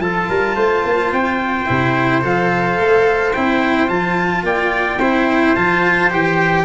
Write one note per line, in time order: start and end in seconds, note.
0.00 0.28 F3
0.00 1.66 F4
0.00 0.30 A4
0.00 1.12 A5
0.30 0.56 G3
0.30 0.56 A#4
0.56 0.84 A3
0.56 4.45 C5
0.85 1.12 A#3
1.12 1.68 C4
1.12 2.24 G5
1.66 2.24 C3
1.66 2.21 E4
2.21 2.79 F3
2.21 3.32 A4
2.21 3.34 F5
2.80 3.36 A3
3.34 3.89 C4
3.34 3.88 E4
3.34 3.89 G5
3.88 4.43 F3
3.88 4.99 F4
3.88 4.44 A5
4.43 4.99 A#3
4.43 5.00 D5
4.43 5.56 G5
4.99 5.55 C4
4.99 5.56 E4
4.99 6.65 C5
5.56 6.12 F3
5.56 6.11 F4
5.56 6.11 A5
6.11 6.65 E3
6.11 6.65 G4
6.11 6.65 G5